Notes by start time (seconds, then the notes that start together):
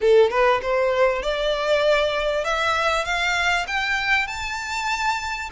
0.01 A4
0.30 B4
0.62 C5
1.22 D5
2.44 E5
3.04 F5
3.67 G5
4.27 A5